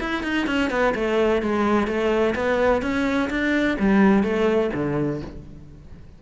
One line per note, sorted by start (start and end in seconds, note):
0.00 0.23 E4
0.23 0.47 D#4
0.47 0.70 C#4
0.70 0.94 B3
0.95 1.42 A3
1.42 1.87 G#3
1.87 2.35 A3
2.35 2.82 B3
2.82 3.29 C#4
3.30 3.77 D4
3.79 4.23 G3
4.23 4.71 A3
4.74 5.21 D3